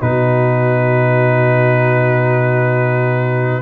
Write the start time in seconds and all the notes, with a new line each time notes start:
0.00 B2 D#4 F#4 B4